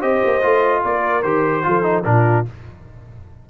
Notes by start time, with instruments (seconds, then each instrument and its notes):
0.00 tuba C4, trombone G4, horn C5, trumpet D#5
0.24 tuba A#3
0.42 tuba A3, trombone F4
0.83 tuba A#3, horn A#4, trumpet D5
1.23 tuba D#3, trombone G4, trumpet C5
1.63 tuba F3, trombone F4, horn A4
1.83 trombone D#4
2.04 tuba A#2, trombone D4, horn F4, trumpet A#4